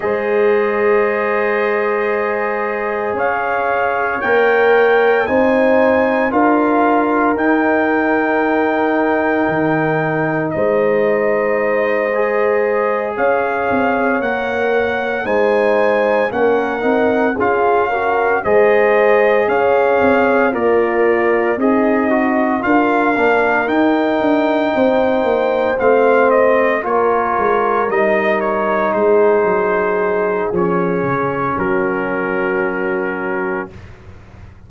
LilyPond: <<
  \new Staff \with { instrumentName = "trumpet" } { \time 4/4 \tempo 4 = 57 dis''2. f''4 | g''4 gis''4 f''4 g''4~ | g''2 dis''2~ | dis''8 f''4 fis''4 gis''4 fis''8~ |
fis''8 f''4 dis''4 f''4 d''8~ | d''8 dis''4 f''4 g''4.~ | g''8 f''8 dis''8 cis''4 dis''8 cis''8 c''8~ | c''4 cis''4 ais'2 | }
  \new Staff \with { instrumentName = "horn" } { \time 4/4 c''2. cis''4~ | cis''4 c''4 ais'2~ | ais'2 c''2~ | c''8 cis''2 c''4 ais'8~ |
ais'8 gis'8 ais'8 c''4 cis''4 f'8~ | f'8 dis'4 ais'2 c''8~ | c''4. ais'2 gis'8~ | gis'2 fis'2 | }
  \new Staff \with { instrumentName = "trombone" } { \time 4/4 gis'1 | ais'4 dis'4 f'4 dis'4~ | dis'2.~ dis'8 gis'8~ | gis'4. ais'4 dis'4 cis'8 |
dis'8 f'8 fis'8 gis'2 ais'8~ | ais'8 gis'8 fis'8 f'8 d'8 dis'4.~ | dis'8 c'4 f'4 dis'4.~ | dis'4 cis'2. | }
  \new Staff \with { instrumentName = "tuba" } { \time 4/4 gis2. cis'4 | ais4 c'4 d'4 dis'4~ | dis'4 dis4 gis2~ | gis8 cis'8 c'8 ais4 gis4 ais8 |
c'8 cis'4 gis4 cis'8 c'8 ais8~ | ais8 c'4 d'8 ais8 dis'8 d'8 c'8 | ais8 a4 ais8 gis8 g4 gis8 | fis4 f8 cis8 fis2 | }
>>